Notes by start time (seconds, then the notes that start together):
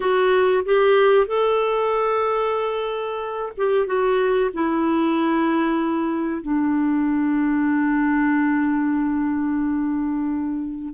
0.00 F#4
0.65 G4
1.26 A4
3.57 G4
3.86 F#4
4.53 E4
6.42 D4